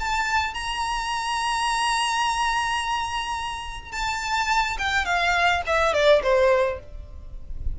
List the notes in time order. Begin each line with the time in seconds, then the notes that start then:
0.00 A5
0.54 A#5
3.92 A5
4.79 G5
5.06 F5
5.67 E5
5.94 D5
6.23 C5